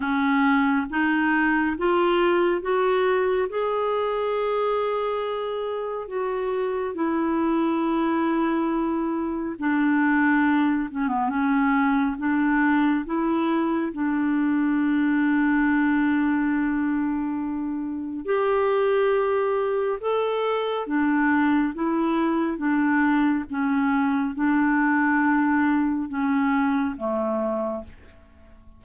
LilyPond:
\new Staff \with { instrumentName = "clarinet" } { \time 4/4 \tempo 4 = 69 cis'4 dis'4 f'4 fis'4 | gis'2. fis'4 | e'2. d'4~ | d'8 cis'16 b16 cis'4 d'4 e'4 |
d'1~ | d'4 g'2 a'4 | d'4 e'4 d'4 cis'4 | d'2 cis'4 a4 | }